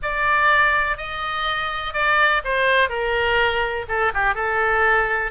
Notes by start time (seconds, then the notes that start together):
0.02 D5
0.97 D#5
1.93 D5
2.44 C5
2.89 A#4
3.88 A4
4.14 G4
4.34 A4